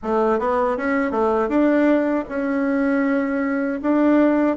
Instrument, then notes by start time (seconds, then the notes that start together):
bassoon
0.02 A3
0.39 B3
0.77 C#4
1.11 A3
1.48 D4
2.28 C#4
3.81 D4